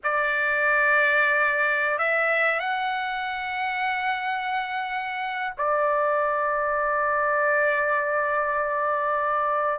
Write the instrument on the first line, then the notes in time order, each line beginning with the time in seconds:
trumpet
0.03 D5
1.98 E5
2.59 F#5
5.57 D5